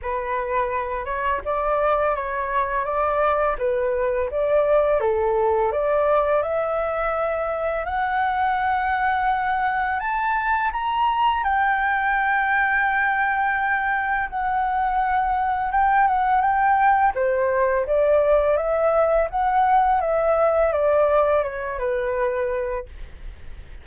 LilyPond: \new Staff \with { instrumentName = "flute" } { \time 4/4 \tempo 4 = 84 b'4. cis''8 d''4 cis''4 | d''4 b'4 d''4 a'4 | d''4 e''2 fis''4~ | fis''2 a''4 ais''4 |
g''1 | fis''2 g''8 fis''8 g''4 | c''4 d''4 e''4 fis''4 | e''4 d''4 cis''8 b'4. | }